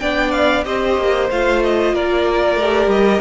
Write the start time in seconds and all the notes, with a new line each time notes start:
0.00 B3 D4 D5 G5
0.32 F5
0.65 C4 G4 C5 D#5
0.98 A#3
1.31 A3 F4 F5
1.63 D#5
1.93 A#3 A#4 D5
2.55 A3 G4
2.87 G3 D#5